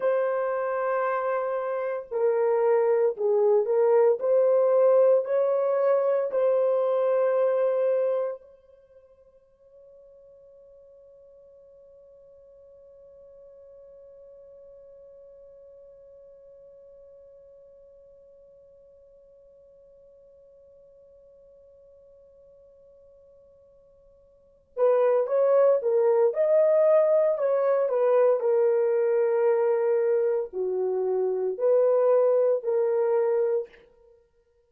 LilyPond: \new Staff \with { instrumentName = "horn" } { \time 4/4 \tempo 4 = 57 c''2 ais'4 gis'8 ais'8 | c''4 cis''4 c''2 | cis''1~ | cis''1~ |
cis''1~ | cis''2.~ cis''8 b'8 | cis''8 ais'8 dis''4 cis''8 b'8 ais'4~ | ais'4 fis'4 b'4 ais'4 | }